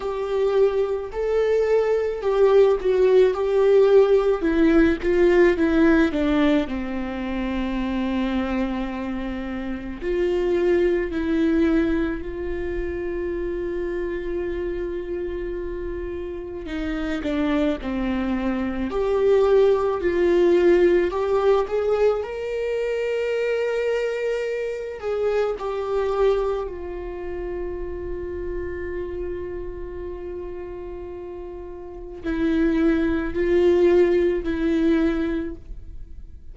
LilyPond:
\new Staff \with { instrumentName = "viola" } { \time 4/4 \tempo 4 = 54 g'4 a'4 g'8 fis'8 g'4 | e'8 f'8 e'8 d'8 c'2~ | c'4 f'4 e'4 f'4~ | f'2. dis'8 d'8 |
c'4 g'4 f'4 g'8 gis'8 | ais'2~ ais'8 gis'8 g'4 | f'1~ | f'4 e'4 f'4 e'4 | }